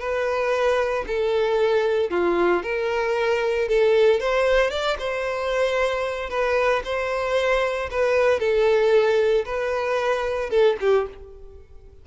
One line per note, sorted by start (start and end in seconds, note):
0.00 1.05 B4
1.08 2.11 A4
2.11 2.63 F4
2.63 3.69 A#4
3.69 4.20 A4
4.20 4.71 C5
4.71 4.97 D5
4.99 6.30 C5
6.30 6.83 B4
6.85 7.90 C5
7.91 8.40 B4
8.40 9.45 A4
9.45 10.50 B4
10.50 10.77 A4
10.81 11.07 G4